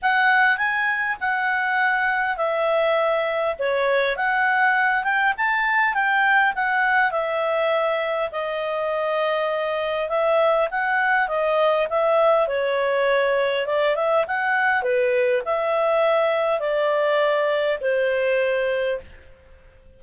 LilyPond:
\new Staff \with { instrumentName = "clarinet" } { \time 4/4 \tempo 4 = 101 fis''4 gis''4 fis''2 | e''2 cis''4 fis''4~ | fis''8 g''8 a''4 g''4 fis''4 | e''2 dis''2~ |
dis''4 e''4 fis''4 dis''4 | e''4 cis''2 d''8 e''8 | fis''4 b'4 e''2 | d''2 c''2 | }